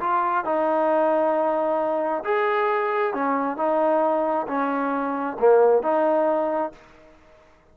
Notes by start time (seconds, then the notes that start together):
0.00 F4
0.45 D#4
2.24 G#4
3.14 C#4
3.57 D#4
4.47 C#4
5.40 A#3
5.83 D#4